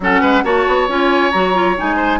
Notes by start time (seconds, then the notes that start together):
0.00 F#3 C#4 A4 F#5
0.21 G#3 B4
0.43 A#3 F#4 C#5 A5
0.67 B3
0.88 C#4 F4 G#5
1.31 F#3 F#4 A#5
1.54 F4
1.76 G#3 D#4 G#5
1.96 C5